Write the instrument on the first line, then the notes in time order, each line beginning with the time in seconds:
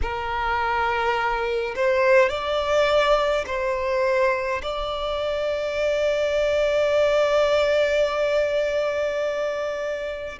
violin
0.02 A#4
1.75 C5
2.29 D5
3.46 C5
4.62 D5